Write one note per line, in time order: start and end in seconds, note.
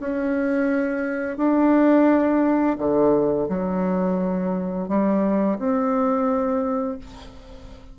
0.00 1.37 C#4
1.37 2.77 D4
2.78 3.48 D3
3.49 4.88 F#3
4.88 5.58 G3
5.59 6.98 C4